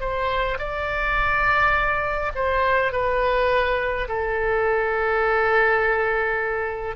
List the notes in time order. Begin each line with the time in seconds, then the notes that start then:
0.00 C5
0.58 D5
2.35 C5
2.92 B4
4.08 A4